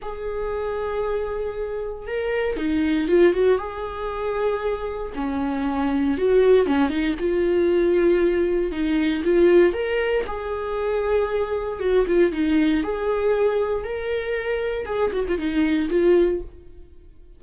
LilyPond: \new Staff \with { instrumentName = "viola" } { \time 4/4 \tempo 4 = 117 gis'1 | ais'4 dis'4 f'8 fis'8 gis'4~ | gis'2 cis'2 | fis'4 cis'8 dis'8 f'2~ |
f'4 dis'4 f'4 ais'4 | gis'2. fis'8 f'8 | dis'4 gis'2 ais'4~ | ais'4 gis'8 fis'16 f'16 dis'4 f'4 | }